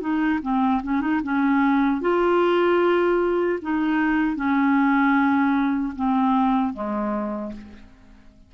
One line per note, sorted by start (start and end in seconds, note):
0.00 0.39 D#4
0.42 0.81 C4
0.83 1.01 C#4
1.01 1.21 D#4
1.23 2.01 C#4
2.01 3.59 F4
3.62 4.36 D#4
4.36 5.94 C#4
5.96 6.73 C4
6.73 7.52 G#3